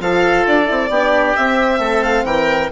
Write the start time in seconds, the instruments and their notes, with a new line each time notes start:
0.00 bassoon F3, horn F4, oboe A4, violin F5
0.47 bassoon D4, violin D5
0.65 bassoon C4, horn E4
0.90 bassoon B3, horn D4, oboe G4
1.36 horn C4, bassoon C4, violin E5
1.79 bassoon A3, oboe A4
2.03 violin F5
2.24 bassoon E3, oboe A#4, violin G5